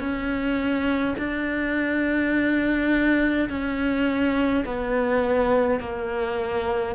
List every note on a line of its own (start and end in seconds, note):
0.00 1.15 C#4
1.19 3.49 D4
3.49 4.65 C#4
4.66 5.80 B3
5.80 6.95 A#3